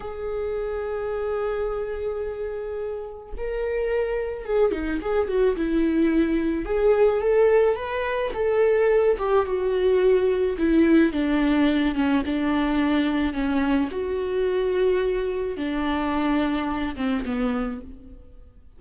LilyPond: \new Staff \with { instrumentName = "viola" } { \time 4/4 \tempo 4 = 108 gis'1~ | gis'2 ais'2 | gis'8 dis'8 gis'8 fis'8 e'2 | gis'4 a'4 b'4 a'4~ |
a'8 g'8 fis'2 e'4 | d'4. cis'8 d'2 | cis'4 fis'2. | d'2~ d'8 c'8 b4 | }